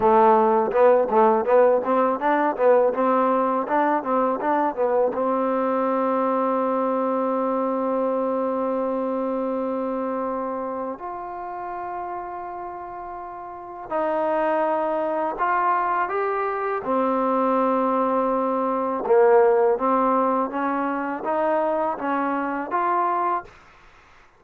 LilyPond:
\new Staff \with { instrumentName = "trombone" } { \time 4/4 \tempo 4 = 82 a4 b8 a8 b8 c'8 d'8 b8 | c'4 d'8 c'8 d'8 b8 c'4~ | c'1~ | c'2. f'4~ |
f'2. dis'4~ | dis'4 f'4 g'4 c'4~ | c'2 ais4 c'4 | cis'4 dis'4 cis'4 f'4 | }